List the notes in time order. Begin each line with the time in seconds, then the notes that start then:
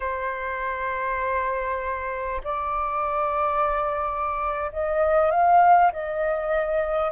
0.00 C5
2.44 D5
4.72 D#5
5.30 F5
5.92 D#5